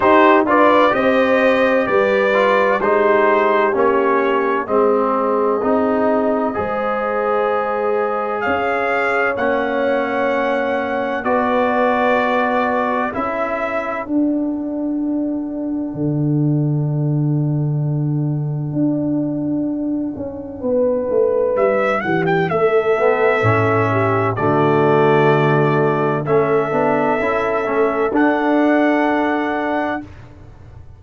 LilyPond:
<<
  \new Staff \with { instrumentName = "trumpet" } { \time 4/4 \tempo 4 = 64 c''8 d''8 dis''4 d''4 c''4 | cis''4 dis''2.~ | dis''4 f''4 fis''2 | d''2 e''4 fis''4~ |
fis''1~ | fis''2. e''8 fis''16 g''16 | e''2 d''2 | e''2 fis''2 | }
  \new Staff \with { instrumentName = "horn" } { \time 4/4 g'8 b'8 c''4 b'4 g'4~ | g'4 gis'2 c''4~ | c''4 cis''2. | b'2 a'2~ |
a'1~ | a'2 b'4. g'8 | a'4. g'8 fis'2 | a'1 | }
  \new Staff \with { instrumentName = "trombone" } { \time 4/4 dis'8 f'8 g'4. f'8 dis'4 | cis'4 c'4 dis'4 gis'4~ | gis'2 cis'2 | fis'2 e'4 d'4~ |
d'1~ | d'1~ | d'8 b8 cis'4 a2 | cis'8 d'8 e'8 cis'8 d'2 | }
  \new Staff \with { instrumentName = "tuba" } { \time 4/4 dis'8 d'8 c'4 g4 gis4 | ais4 gis4 c'4 gis4~ | gis4 cis'4 ais2 | b2 cis'4 d'4~ |
d'4 d2. | d'4. cis'8 b8 a8 g8 e8 | a4 a,4 d2 | a8 b8 cis'8 a8 d'2 | }
>>